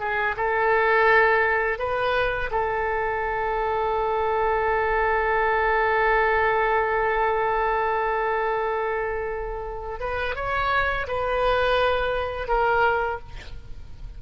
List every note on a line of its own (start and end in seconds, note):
0.00 0.36 G#4
0.37 1.79 A4
1.79 2.50 B4
2.51 10.00 A4
10.00 10.36 B4
10.36 11.07 C#5
11.08 12.48 B4
12.48 13.19 A#4